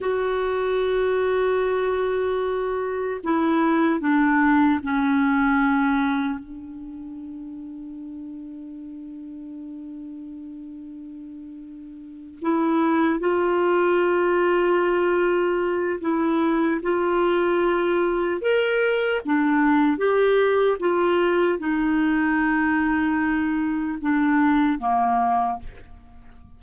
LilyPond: \new Staff \with { instrumentName = "clarinet" } { \time 4/4 \tempo 4 = 75 fis'1 | e'4 d'4 cis'2 | d'1~ | d'2.~ d'8 e'8~ |
e'8 f'2.~ f'8 | e'4 f'2 ais'4 | d'4 g'4 f'4 dis'4~ | dis'2 d'4 ais4 | }